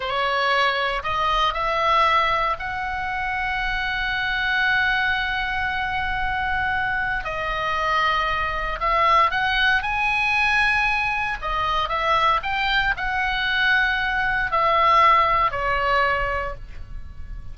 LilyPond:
\new Staff \with { instrumentName = "oboe" } { \time 4/4 \tempo 4 = 116 cis''2 dis''4 e''4~ | e''4 fis''2.~ | fis''1~ | fis''2 dis''2~ |
dis''4 e''4 fis''4 gis''4~ | gis''2 dis''4 e''4 | g''4 fis''2. | e''2 cis''2 | }